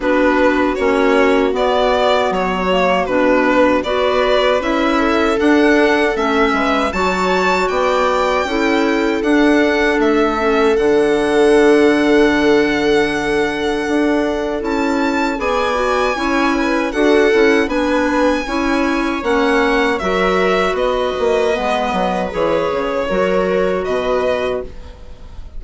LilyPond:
<<
  \new Staff \with { instrumentName = "violin" } { \time 4/4 \tempo 4 = 78 b'4 cis''4 d''4 cis''4 | b'4 d''4 e''4 fis''4 | e''4 a''4 g''2 | fis''4 e''4 fis''2~ |
fis''2. a''4 | gis''2 fis''4 gis''4~ | gis''4 fis''4 e''4 dis''4~ | dis''4 cis''2 dis''4 | }
  \new Staff \with { instrumentName = "viola" } { \time 4/4 fis'1~ | fis'4 b'4. a'4.~ | a'8 b'8 cis''4 d''4 a'4~ | a'1~ |
a'1 | d''4 cis''8 b'8 a'4 b'4 | cis''2 ais'4 b'4~ | b'2 ais'4 b'4 | }
  \new Staff \with { instrumentName = "clarinet" } { \time 4/4 d'4 cis'4 b4. ais8 | d'4 fis'4 e'4 d'4 | cis'4 fis'2 e'4 | d'4. cis'8 d'2~ |
d'2. e'4 | gis'8 fis'8 e'4 fis'8 e'8 d'4 | e'4 cis'4 fis'2 | b4 gis'4 fis'2 | }
  \new Staff \with { instrumentName = "bassoon" } { \time 4/4 b4 ais4 b4 fis4 | b,4 b4 cis'4 d'4 | a8 gis8 fis4 b4 cis'4 | d'4 a4 d2~ |
d2 d'4 cis'4 | b4 cis'4 d'8 cis'8 b4 | cis'4 ais4 fis4 b8 ais8 | gis8 fis8 e8 cis8 fis4 b,4 | }
>>